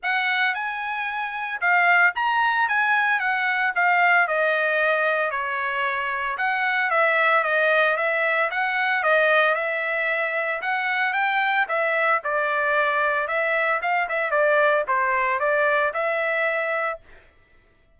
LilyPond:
\new Staff \with { instrumentName = "trumpet" } { \time 4/4 \tempo 4 = 113 fis''4 gis''2 f''4 | ais''4 gis''4 fis''4 f''4 | dis''2 cis''2 | fis''4 e''4 dis''4 e''4 |
fis''4 dis''4 e''2 | fis''4 g''4 e''4 d''4~ | d''4 e''4 f''8 e''8 d''4 | c''4 d''4 e''2 | }